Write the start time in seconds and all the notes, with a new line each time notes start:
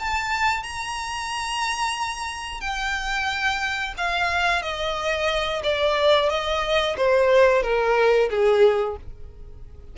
0.00 A5
0.63 A#5
2.61 G5
3.98 F5
4.63 D#5
5.64 D5
6.30 D#5
6.97 C5
7.63 A#4
8.31 G#4